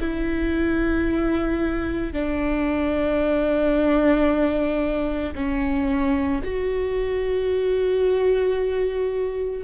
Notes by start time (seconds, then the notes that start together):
0.00 E4
2.13 D4
5.35 C#4
6.44 F#4